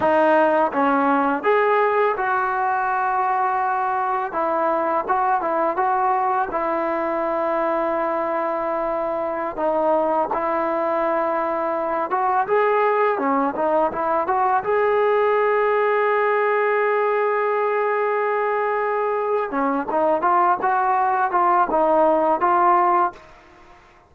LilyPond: \new Staff \with { instrumentName = "trombone" } { \time 4/4 \tempo 4 = 83 dis'4 cis'4 gis'4 fis'4~ | fis'2 e'4 fis'8 e'8 | fis'4 e'2.~ | e'4~ e'16 dis'4 e'4.~ e'16~ |
e'8. fis'8 gis'4 cis'8 dis'8 e'8 fis'16~ | fis'16 gis'2.~ gis'8.~ | gis'2. cis'8 dis'8 | f'8 fis'4 f'8 dis'4 f'4 | }